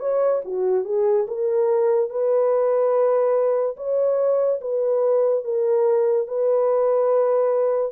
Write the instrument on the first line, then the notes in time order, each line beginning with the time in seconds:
horn
0.00 C#5
0.45 F#4
0.85 G#4
1.27 A#4
2.10 B4
3.77 C#5
4.61 B4
5.44 A#4
6.28 B4